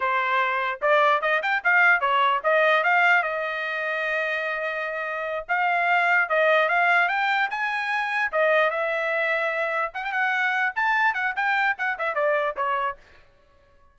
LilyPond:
\new Staff \with { instrumentName = "trumpet" } { \time 4/4 \tempo 4 = 148 c''2 d''4 dis''8 g''8 | f''4 cis''4 dis''4 f''4 | dis''1~ | dis''4. f''2 dis''8~ |
dis''8 f''4 g''4 gis''4.~ | gis''8 dis''4 e''2~ e''8~ | e''8 fis''16 g''16 fis''4. a''4 fis''8 | g''4 fis''8 e''8 d''4 cis''4 | }